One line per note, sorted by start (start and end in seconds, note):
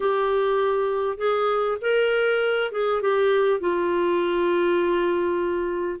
0.00 1.17 G4
1.17 1.77 G#4
1.81 2.71 A#4
2.71 3.01 G#4
3.01 3.60 G4
3.60 6.00 F4